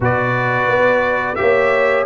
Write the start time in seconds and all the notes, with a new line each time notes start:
0.00 B2 F#4 B4 D5
0.68 B3
1.35 A#3 G4 C#5 E5